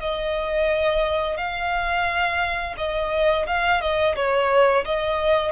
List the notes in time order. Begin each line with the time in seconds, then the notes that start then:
0.00 D#5
1.37 F5
2.77 D#5
3.47 F5
3.81 D#5
4.16 C#5
4.85 D#5